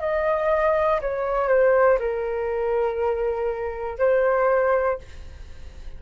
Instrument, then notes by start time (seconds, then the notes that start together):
flute
0.00 D#5
1.01 C#5
1.49 C5
1.99 A#4
3.99 C5